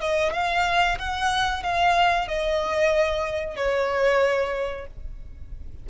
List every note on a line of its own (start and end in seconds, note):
0.00 0.33 D#5
0.33 0.98 F5
0.98 1.63 F#5
1.63 2.27 F5
2.27 3.56 D#5
3.56 4.86 C#5